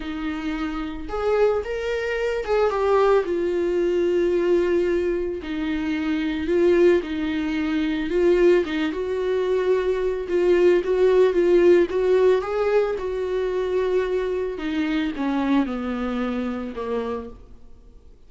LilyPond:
\new Staff \with { instrumentName = "viola" } { \time 4/4 \tempo 4 = 111 dis'2 gis'4 ais'4~ | ais'8 gis'8 g'4 f'2~ | f'2 dis'2 | f'4 dis'2 f'4 |
dis'8 fis'2~ fis'8 f'4 | fis'4 f'4 fis'4 gis'4 | fis'2. dis'4 | cis'4 b2 ais4 | }